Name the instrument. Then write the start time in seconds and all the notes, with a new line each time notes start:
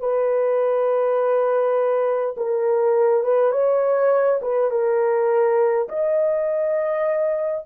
horn
0.00 B4
2.37 A#4
3.23 B4
3.52 C#5
4.42 B4
4.71 A#4
5.88 D#5